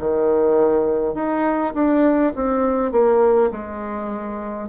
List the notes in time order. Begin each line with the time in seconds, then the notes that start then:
0.00 D#3
1.14 D#4
1.74 D4
2.35 C4
2.92 A#3
3.51 G#3